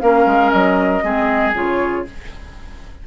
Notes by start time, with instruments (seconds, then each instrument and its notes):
0.00 bassoon A#3, clarinet C#4, oboe A#4, flute F5
0.26 bassoon G#3
0.51 bassoon F#3, flute D#5
1.03 bassoon G#3, clarinet C4, oboe G#4
1.54 bassoon C#3, clarinet F4, flute C#5